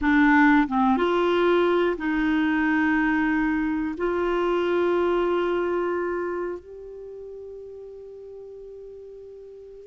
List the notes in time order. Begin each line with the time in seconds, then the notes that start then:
0.01 D4
0.67 C4
0.97 F4
1.97 D#4
3.97 F4
6.59 G4